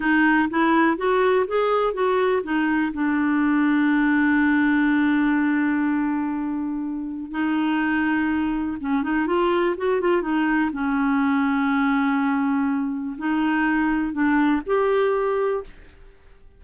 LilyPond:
\new Staff \with { instrumentName = "clarinet" } { \time 4/4 \tempo 4 = 123 dis'4 e'4 fis'4 gis'4 | fis'4 dis'4 d'2~ | d'1~ | d'2. dis'4~ |
dis'2 cis'8 dis'8 f'4 | fis'8 f'8 dis'4 cis'2~ | cis'2. dis'4~ | dis'4 d'4 g'2 | }